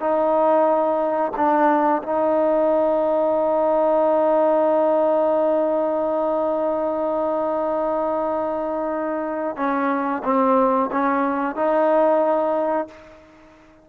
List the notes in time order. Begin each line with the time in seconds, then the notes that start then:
0.00 D#4
1.36 D4
2.03 D#4
9.56 C#4
10.24 C4
10.92 C#4
11.56 D#4